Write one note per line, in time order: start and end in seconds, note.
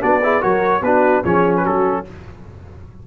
0.00 0.43 B3
0.00 0.20 D4
0.00 0.20 F#4
0.00 0.42 D5
0.23 0.40 E4
0.23 0.41 G#4
0.40 0.81 F#3
0.40 0.81 F#4
0.40 0.81 A#4
0.40 0.82 C#5
0.81 1.21 B3
0.81 1.24 D4
0.81 1.23 F#4
0.81 1.23 B4
1.23 1.65 F3
1.23 2.04 C#4
1.23 1.61 G#4
1.23 1.54 C#5
1.56 2.02 F#4
1.56 1.65 B4
1.65 2.06 F#3
1.65 2.06 A4